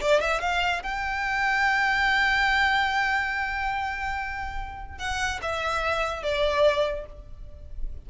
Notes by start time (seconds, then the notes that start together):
0.00 D5
0.20 E5
0.41 F5
0.82 G5
4.98 F#5
5.42 E5
6.23 D5